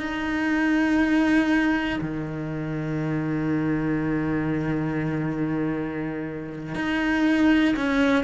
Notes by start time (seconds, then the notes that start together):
0.00 D#4
2.01 D#3
6.75 D#4
7.76 C#4